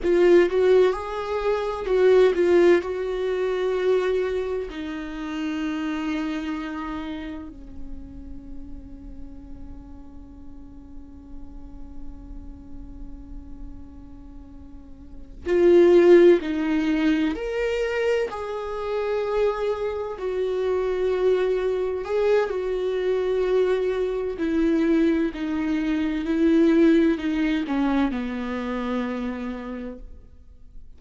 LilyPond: \new Staff \with { instrumentName = "viola" } { \time 4/4 \tempo 4 = 64 f'8 fis'8 gis'4 fis'8 f'8 fis'4~ | fis'4 dis'2. | cis'1~ | cis'1~ |
cis'8 f'4 dis'4 ais'4 gis'8~ | gis'4. fis'2 gis'8 | fis'2 e'4 dis'4 | e'4 dis'8 cis'8 b2 | }